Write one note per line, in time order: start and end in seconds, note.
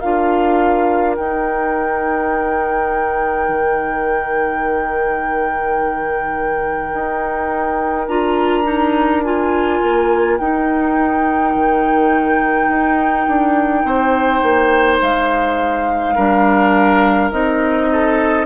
0.00 1.18 D4
0.00 1.17 F4
0.00 13.85 A#4
0.00 1.16 F5
1.16 8.09 D#4
1.16 3.49 D#4
1.16 8.08 G5
3.49 6.93 D#3
6.93 8.08 D#4
8.08 9.81 D4
8.08 8.64 F4
8.08 9.24 A#5
8.64 9.22 D#4
9.24 10.40 F4
9.24 10.37 G#5
9.82 10.40 A#3
10.37 11.55 D#4
10.37 16.18 D#4
10.37 14.99 G5
11.55 12.69 D#3
12.69 13.26 D#4
13.28 13.85 D4
13.85 14.42 C4
13.85 16.16 C5
14.43 15.01 A#3
15.02 16.17 G#3
15.02 17.32 F5
16.16 17.32 G3
16.16 17.32 D4
16.16 17.89 A#4
17.32 18.46 C4
17.32 18.46 D#4
17.32 18.46 D#5
17.93 18.46 A4